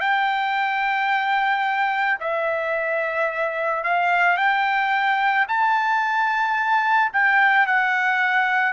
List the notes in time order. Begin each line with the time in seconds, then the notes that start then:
0.00 G5
2.20 E5
3.84 F5
4.37 G5
5.48 A5
7.13 G5
7.67 F#5